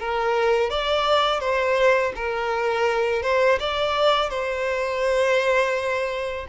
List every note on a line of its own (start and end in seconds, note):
0.00 0.71 A#4
0.71 1.41 D5
1.41 2.13 C5
2.16 3.23 A#4
3.23 3.59 C5
3.60 4.30 D5
4.30 6.47 C5